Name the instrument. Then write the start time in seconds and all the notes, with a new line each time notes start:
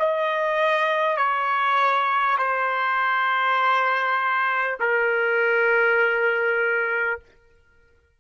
trumpet
0.00 D#5
1.17 C#5
2.38 C5
4.80 A#4